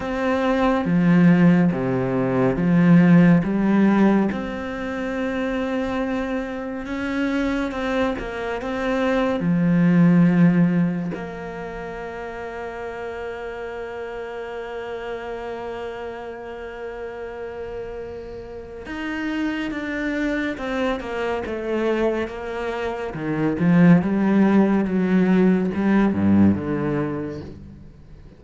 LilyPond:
\new Staff \with { instrumentName = "cello" } { \time 4/4 \tempo 4 = 70 c'4 f4 c4 f4 | g4 c'2. | cis'4 c'8 ais8 c'4 f4~ | f4 ais2.~ |
ais1~ | ais2 dis'4 d'4 | c'8 ais8 a4 ais4 dis8 f8 | g4 fis4 g8 g,8 d4 | }